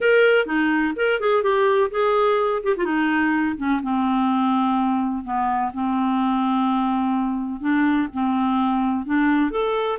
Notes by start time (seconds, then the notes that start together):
0.01 A#4
0.46 D#4
0.96 A#4
1.20 G#4
1.42 G4
1.90 G#4
2.63 G4
2.77 F4
2.84 D#4
3.56 C#4
3.82 C4
5.24 B3
5.73 C4
7.60 D4
8.13 C4
9.05 D4
9.51 A4